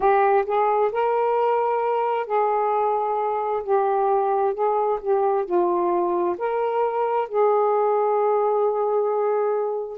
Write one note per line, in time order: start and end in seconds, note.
0.00 0.44 G4
0.45 0.91 G#4
0.91 2.26 A#4
2.26 3.62 G#4
3.63 4.53 G4
4.53 4.99 G#4
5.00 5.45 G4
5.45 6.36 F4
6.38 7.28 A#4
7.28 9.98 G#4